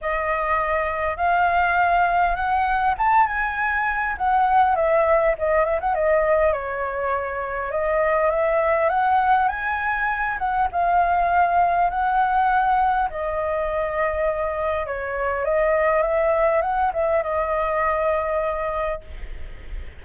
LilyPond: \new Staff \with { instrumentName = "flute" } { \time 4/4 \tempo 4 = 101 dis''2 f''2 | fis''4 a''8 gis''4. fis''4 | e''4 dis''8 e''16 fis''16 dis''4 cis''4~ | cis''4 dis''4 e''4 fis''4 |
gis''4. fis''8 f''2 | fis''2 dis''2~ | dis''4 cis''4 dis''4 e''4 | fis''8 e''8 dis''2. | }